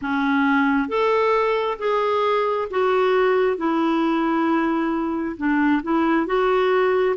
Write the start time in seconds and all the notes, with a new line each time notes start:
0.01 C#4
0.88 A4
1.79 G#4
2.70 F#4
3.57 E4
5.37 D4
5.82 E4
6.26 F#4